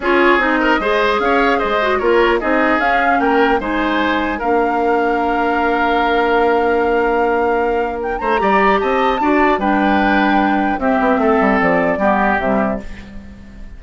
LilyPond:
<<
  \new Staff \with { instrumentName = "flute" } { \time 4/4 \tempo 4 = 150 cis''4 dis''2 f''4 | dis''4 cis''4 dis''4 f''4 | g''4 gis''2 f''4~ | f''1~ |
f''1 | g''8 ais''4. a''2 | g''2. e''4~ | e''4 d''2 e''4 | }
  \new Staff \with { instrumentName = "oboe" } { \time 4/4 gis'4. ais'8 c''4 cis''4 | c''4 ais'4 gis'2 | ais'4 c''2 ais'4~ | ais'1~ |
ais'1~ | ais'8 c''8 d''4 dis''4 d''4 | b'2. g'4 | a'2 g'2 | }
  \new Staff \with { instrumentName = "clarinet" } { \time 4/4 f'4 dis'4 gis'2~ | gis'8 fis'8 f'4 dis'4 cis'4~ | cis'4 dis'2 d'4~ | d'1~ |
d'1~ | d'4 g'2 fis'4 | d'2. c'4~ | c'2 b4 g4 | }
  \new Staff \with { instrumentName = "bassoon" } { \time 4/4 cis'4 c'4 gis4 cis'4 | gis4 ais4 c'4 cis'4 | ais4 gis2 ais4~ | ais1~ |
ais1~ | ais8 a8 g4 c'4 d'4 | g2. c'8 b8 | a8 g8 f4 g4 c4 | }
>>